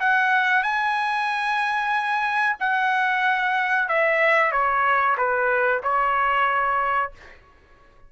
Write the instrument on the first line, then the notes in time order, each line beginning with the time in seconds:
trumpet
0.00 F#5
0.63 G#5
2.60 F#5
3.89 E5
4.52 C#5
5.18 B4
5.83 C#5